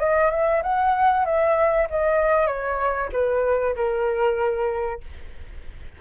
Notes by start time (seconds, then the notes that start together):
0.00 D#5
0.32 E5
0.63 F#5
1.26 E5
1.91 D#5
2.47 C#5
3.13 B4
3.76 A#4